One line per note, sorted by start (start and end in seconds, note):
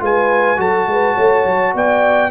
0.00 0.59 G#3
0.00 0.58 F4
0.00 0.60 B4
0.00 0.61 G#5
0.58 0.87 F#3
0.58 2.31 F#4
0.58 0.89 A4
0.58 1.76 A5
0.87 1.16 G#3
0.87 1.15 B4
1.15 1.46 A3
1.15 1.73 C#5
1.46 1.75 F#3
1.75 2.31 B3
1.75 2.31 D5
1.75 2.31 G5